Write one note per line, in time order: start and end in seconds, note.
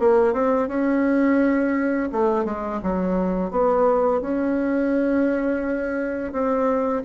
0.00 0.33 A#3
0.33 0.68 C4
0.68 2.09 C#4
2.12 2.45 A3
2.45 2.80 G#3
2.83 3.51 F#3
3.51 4.21 B3
4.21 6.32 C#4
6.32 7.03 C4